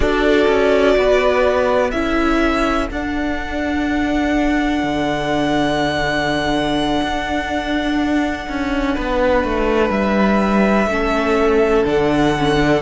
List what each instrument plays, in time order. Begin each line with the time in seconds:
0.00 cello D4, viola F#4, violin A4 D5
0.47 cello C#4
0.97 cello B3, violin B4
1.91 cello C#4, viola E4, violin A4 E5
2.90 cello D4, viola D4, violin F#5
4.83 cello D3
7.02 cello D4
8.48 cello C#4
8.95 cello B3, violin B4
9.44 cello A3
9.89 cello G3, violin E5
10.86 cello A3, viola C#4, violin A4
11.84 cello D3, viola D4, violin F#5
12.37 viola C#4
12.56 viola D4